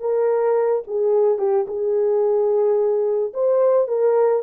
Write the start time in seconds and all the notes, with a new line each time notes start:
0.00 A#4
0.87 G#4
1.39 G4
1.68 G#4
3.34 C5
3.88 A#4